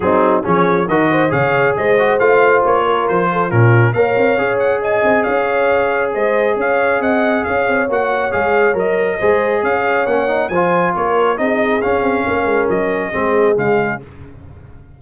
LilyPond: <<
  \new Staff \with { instrumentName = "trumpet" } { \time 4/4 \tempo 4 = 137 gis'4 cis''4 dis''4 f''4 | dis''4 f''4 cis''4 c''4 | ais'4 f''4. fis''8 gis''4 | f''2 dis''4 f''4 |
fis''4 f''4 fis''4 f''4 | dis''2 f''4 fis''4 | gis''4 cis''4 dis''4 f''4~ | f''4 dis''2 f''4 | }
  \new Staff \with { instrumentName = "horn" } { \time 4/4 dis'4 gis'4 ais'8 c''8 cis''4 | c''2~ c''8 ais'4 a'8 | f'4 cis''2 dis''4 | cis''2 c''4 cis''4 |
dis''4 cis''2.~ | cis''4 c''4 cis''2 | c''4 ais'4 gis'2 | ais'2 gis'2 | }
  \new Staff \with { instrumentName = "trombone" } { \time 4/4 c'4 cis'4 fis'4 gis'4~ | gis'8 fis'8 f'2. | cis'4 ais'4 gis'2~ | gis'1~ |
gis'2 fis'4 gis'4 | ais'4 gis'2 cis'8 dis'8 | f'2 dis'4 cis'4~ | cis'2 c'4 gis4 | }
  \new Staff \with { instrumentName = "tuba" } { \time 4/4 fis4 f4 dis4 cis4 | gis4 a4 ais4 f4 | ais,4 ais8 c'8 cis'4. c'8 | cis'2 gis4 cis'4 |
c'4 cis'8 c'8 ais4 gis4 | fis4 gis4 cis'4 ais4 | f4 ais4 c'4 cis'8 c'8 | ais8 gis8 fis4 gis4 cis4 | }
>>